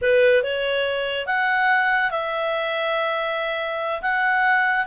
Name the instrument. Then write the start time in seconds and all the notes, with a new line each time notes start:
clarinet
0.01 B4
0.43 C#5
1.26 F#5
2.10 E5
4.01 F#5